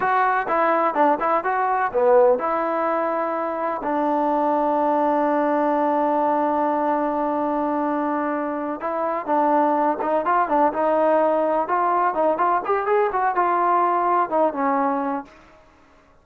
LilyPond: \new Staff \with { instrumentName = "trombone" } { \time 4/4 \tempo 4 = 126 fis'4 e'4 d'8 e'8 fis'4 | b4 e'2. | d'1~ | d'1~ |
d'2~ d'8 e'4 d'8~ | d'4 dis'8 f'8 d'8 dis'4.~ | dis'8 f'4 dis'8 f'8 g'8 gis'8 fis'8 | f'2 dis'8 cis'4. | }